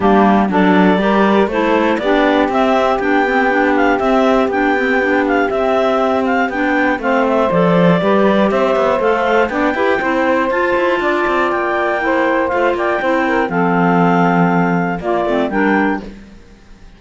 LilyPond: <<
  \new Staff \with { instrumentName = "clarinet" } { \time 4/4 \tempo 4 = 120 g'4 d''2 c''4 | d''4 e''4 g''4. f''8 | e''4 g''4. f''8 e''4~ | e''8 f''8 g''4 f''8 e''8 d''4~ |
d''4 e''4 f''4 g''4~ | g''4 a''2 g''4~ | g''4 f''8 g''4. f''4~ | f''2 d''4 g''4 | }
  \new Staff \with { instrumentName = "saxophone" } { \time 4/4 d'4 a'4 ais'4 a'4 | g'1~ | g'1~ | g'2 c''2 |
b'4 c''2 d''8 b'8 | c''2 d''2 | c''4. d''8 c''8 ais'8 a'4~ | a'2 f'4 ais'4 | }
  \new Staff \with { instrumentName = "clarinet" } { \time 4/4 ais4 d'4 g'4 e'4 | d'4 c'4 d'8 c'8 d'4 | c'4 d'8 c'8 d'4 c'4~ | c'4 d'4 c'4 a'4 |
g'2 a'4 d'8 g'8 | e'4 f'2. | e'4 f'4 e'4 c'4~ | c'2 ais8 c'8 d'4 | }
  \new Staff \with { instrumentName = "cello" } { \time 4/4 g4 fis4 g4 a4 | b4 c'4 b2 | c'4 b2 c'4~ | c'4 b4 a4 f4 |
g4 c'8 b8 a4 b8 e'8 | c'4 f'8 e'8 d'8 c'8 ais4~ | ais4 a8 ais8 c'4 f4~ | f2 ais8 a8 g4 | }
>>